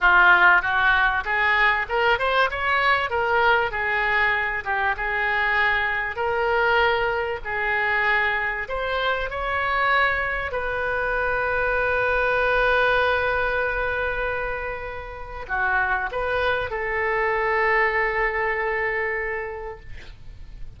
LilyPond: \new Staff \with { instrumentName = "oboe" } { \time 4/4 \tempo 4 = 97 f'4 fis'4 gis'4 ais'8 c''8 | cis''4 ais'4 gis'4. g'8 | gis'2 ais'2 | gis'2 c''4 cis''4~ |
cis''4 b'2.~ | b'1~ | b'4 fis'4 b'4 a'4~ | a'1 | }